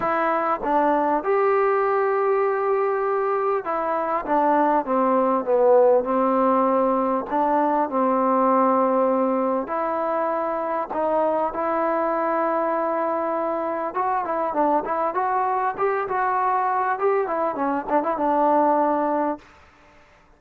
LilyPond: \new Staff \with { instrumentName = "trombone" } { \time 4/4 \tempo 4 = 99 e'4 d'4 g'2~ | g'2 e'4 d'4 | c'4 b4 c'2 | d'4 c'2. |
e'2 dis'4 e'4~ | e'2. fis'8 e'8 | d'8 e'8 fis'4 g'8 fis'4. | g'8 e'8 cis'8 d'16 e'16 d'2 | }